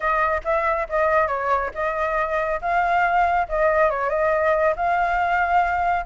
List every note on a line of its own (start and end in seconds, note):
0.00 0.41 D#5
0.44 0.87 E5
0.89 1.27 D#5
1.27 1.70 C#5
1.74 2.60 D#5
2.61 3.47 F5
3.48 3.89 D#5
3.89 4.09 C#5
4.09 4.74 D#5
4.76 6.05 F5